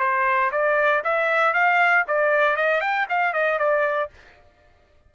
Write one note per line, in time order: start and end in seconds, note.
0.00 0.51 C5
0.52 1.03 D5
1.04 1.54 E5
1.54 2.05 F5
2.08 2.57 D5
2.57 2.81 D#5
2.81 3.07 G5
3.10 3.34 F5
3.34 3.59 D#5
3.59 4.10 D5